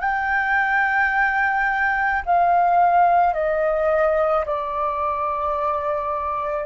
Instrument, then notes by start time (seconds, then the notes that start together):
flute
0.00 G5
2.26 F5
3.34 D#5
4.45 D5